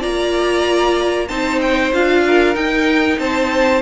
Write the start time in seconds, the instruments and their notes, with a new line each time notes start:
0.00 cello A#3, viola F4, violin D5 A#5
1.28 cello C4, viola D#4, violin C5 A5
1.61 violin G5
1.93 cello D4, viola F4, violin F5
2.26 violin A#4
2.54 viola D#4, cello D#4, violin G5
3.19 cello C4, violin C5 A5